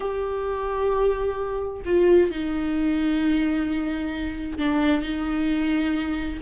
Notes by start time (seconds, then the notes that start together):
0.00 G4
1.85 F4
2.30 D#4
4.58 D4
5.02 D#4